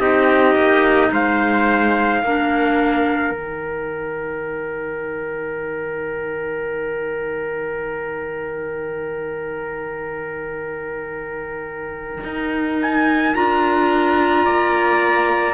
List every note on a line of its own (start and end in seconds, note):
0.00 0.55 C4
0.00 2.23 D#4
0.00 1.11 G4
0.00 1.11 D#5
0.55 1.11 A#3
1.12 2.23 G#3
1.12 2.23 C5
1.12 3.35 F5
2.23 3.31 A#3
2.23 3.34 D4
2.23 14.45 A#4
3.31 12.20 D#3
3.31 13.34 D#4
3.31 12.80 G5
12.24 13.35 D#4
12.82 13.35 G#5
13.34 14.46 D4
13.34 15.54 F4
13.34 15.54 A#5
14.45 15.54 A#3
14.45 15.54 D5